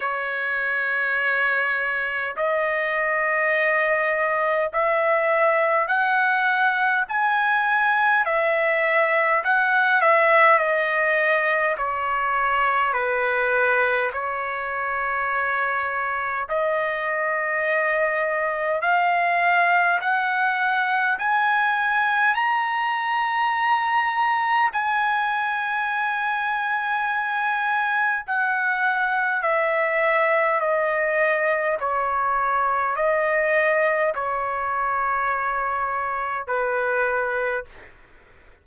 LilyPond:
\new Staff \with { instrumentName = "trumpet" } { \time 4/4 \tempo 4 = 51 cis''2 dis''2 | e''4 fis''4 gis''4 e''4 | fis''8 e''8 dis''4 cis''4 b'4 | cis''2 dis''2 |
f''4 fis''4 gis''4 ais''4~ | ais''4 gis''2. | fis''4 e''4 dis''4 cis''4 | dis''4 cis''2 b'4 | }